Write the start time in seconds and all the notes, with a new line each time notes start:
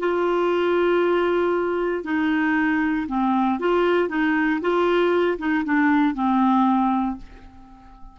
0.00 F4
2.04 D#4
3.08 C4
3.60 F4
4.09 D#4
4.61 F4
5.39 D#4
5.65 D4
6.15 C4